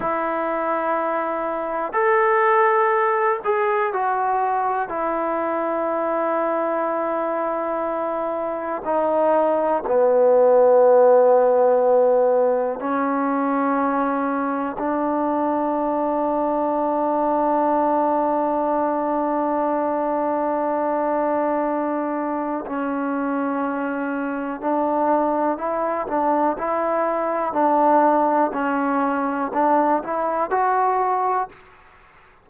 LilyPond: \new Staff \with { instrumentName = "trombone" } { \time 4/4 \tempo 4 = 61 e'2 a'4. gis'8 | fis'4 e'2.~ | e'4 dis'4 b2~ | b4 cis'2 d'4~ |
d'1~ | d'2. cis'4~ | cis'4 d'4 e'8 d'8 e'4 | d'4 cis'4 d'8 e'8 fis'4 | }